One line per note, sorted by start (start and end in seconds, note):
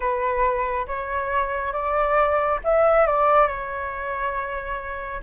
0.00 0.86 B4
0.87 1.72 C#5
1.72 2.59 D5
2.63 3.06 E5
3.06 3.47 D5
3.47 5.21 C#5